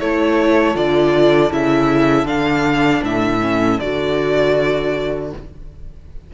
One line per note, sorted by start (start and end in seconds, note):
0.00 0.75 A3
0.00 0.74 E4
0.00 5.32 A4
0.00 0.76 C#5
0.74 1.51 D3
0.74 1.50 F4
0.74 1.52 D5
1.50 2.25 C#3
1.50 2.26 E4
1.50 2.27 E5
2.25 3.00 D3
2.25 3.40 D4
2.25 3.03 F5
3.03 3.78 A2
3.03 3.79 E5
3.41 3.79 C#4
3.79 5.33 D3
3.79 5.34 F#4
3.79 5.31 D5